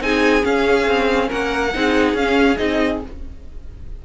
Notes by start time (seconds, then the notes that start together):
0.00 C4 D#4 G#4 G#5
0.41 C#4 F5
0.86 C4
1.28 A#3 A#4 F#5
1.73 C4 D#4 G#4
2.13 C#4 F5
2.56 C4 D#4 D#5